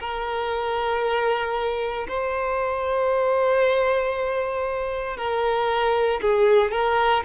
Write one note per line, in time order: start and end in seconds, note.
0.00 2.07 A#4
2.08 5.17 C5
5.17 6.20 A#4
6.21 6.71 G#4
6.71 7.23 A#4